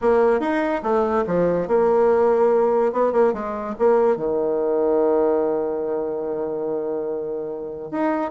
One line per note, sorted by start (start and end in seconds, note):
0.01 0.40 A#3
0.40 0.81 D#4
0.82 1.24 A3
1.26 1.67 F3
1.67 2.92 A#3
2.92 3.12 B3
3.12 3.33 A#3
3.33 3.74 G#3
3.78 4.16 A#3
4.16 7.91 D#3
7.91 8.31 D#4